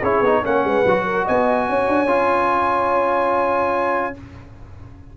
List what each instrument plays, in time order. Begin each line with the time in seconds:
0.00 tuba C#4, trombone E4, horn G#4, trumpet C#5
0.20 tuba B3, trombone D#4
0.43 tuba A#3, trombone C#4, horn C#5, trumpet F#5
0.64 tuba G#3, horn B4
0.86 tuba F#3, trombone F#4
1.05 horn A#4
1.25 tuba B3, horn D#5, trumpet G#5
1.69 tuba C#4, horn C#5
1.88 tuba D4
2.06 tuba C#4, trombone F4